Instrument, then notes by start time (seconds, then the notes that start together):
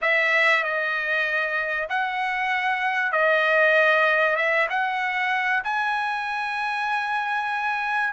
trumpet
0.01 E5
0.63 D#5
1.89 F#5
3.12 D#5
4.36 E5
4.69 F#5
5.64 G#5